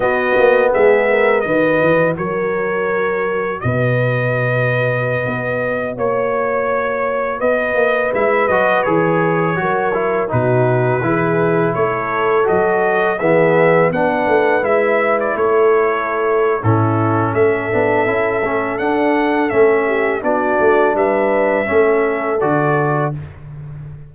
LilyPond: <<
  \new Staff \with { instrumentName = "trumpet" } { \time 4/4 \tempo 4 = 83 dis''4 e''4 dis''4 cis''4~ | cis''4 dis''2.~ | dis''16 cis''2 dis''4 e''8 dis''16~ | dis''16 cis''2 b'4.~ b'16~ |
b'16 cis''4 dis''4 e''4 fis''8.~ | fis''16 e''8. d''16 cis''4.~ cis''16 a'4 | e''2 fis''4 e''4 | d''4 e''2 d''4 | }
  \new Staff \with { instrumentName = "horn" } { \time 4/4 fis'4 gis'8 ais'8 b'4 ais'4~ | ais'4 b'2.~ | b'16 cis''2 b'4.~ b'16~ | b'4~ b'16 ais'4 fis'4 gis'8.~ |
gis'16 a'2 gis'4 b'8.~ | b'4~ b'16 a'4.~ a'16 e'4 | a'2.~ a'8 g'8 | fis'4 b'4 a'2 | }
  \new Staff \with { instrumentName = "trombone" } { \time 4/4 b2 fis'2~ | fis'1~ | fis'2.~ fis'16 e'8 fis'16~ | fis'16 gis'4 fis'8 e'8 dis'4 e'8.~ |
e'4~ e'16 fis'4 b4 d'8.~ | d'16 e'2~ e'8. cis'4~ | cis'8 d'8 e'8 cis'8 d'4 cis'4 | d'2 cis'4 fis'4 | }
  \new Staff \with { instrumentName = "tuba" } { \time 4/4 b8 ais8 gis4 dis8 e8 fis4~ | fis4 b,2~ b,16 b8.~ | b16 ais2 b8 ais8 gis8 fis16~ | fis16 e4 fis4 b,4 e8.~ |
e16 a4 fis4 e4 b8 a16~ | a16 gis4 a4.~ a16 a,4 | a8 b8 cis'8 a8 d'4 a4 | b8 a8 g4 a4 d4 | }
>>